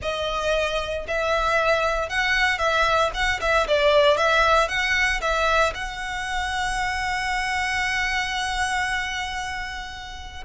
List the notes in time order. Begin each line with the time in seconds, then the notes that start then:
0.01 D#5
1.07 E5
2.09 F#5
2.58 E5
3.14 F#5
3.41 E5
3.67 D5
4.17 E5
4.68 F#5
5.21 E5
5.74 F#5